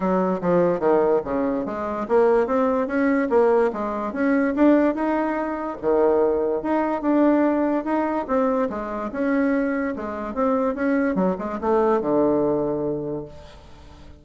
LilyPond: \new Staff \with { instrumentName = "bassoon" } { \time 4/4 \tempo 4 = 145 fis4 f4 dis4 cis4 | gis4 ais4 c'4 cis'4 | ais4 gis4 cis'4 d'4 | dis'2 dis2 |
dis'4 d'2 dis'4 | c'4 gis4 cis'2 | gis4 c'4 cis'4 fis8 gis8 | a4 d2. | }